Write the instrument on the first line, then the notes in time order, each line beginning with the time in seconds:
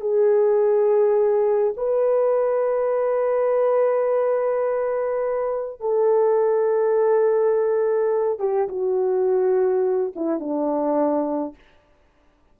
horn
0.00 G#4
1.76 B4
5.80 A4
8.39 G4
8.68 F#4
10.15 E4
10.39 D4